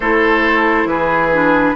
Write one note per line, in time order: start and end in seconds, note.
0.00 0.85 A3
0.00 1.33 E4
0.00 0.88 A4
0.00 0.87 C5
0.85 1.73 E3
0.85 1.75 G#4
0.85 1.75 B4
1.33 1.75 D4